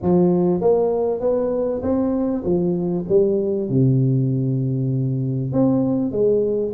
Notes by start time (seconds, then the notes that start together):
0.02 F3
0.60 A#3
1.20 B3
1.82 C4
2.44 F3
3.08 G3
3.69 C3
5.52 C4
6.11 G#3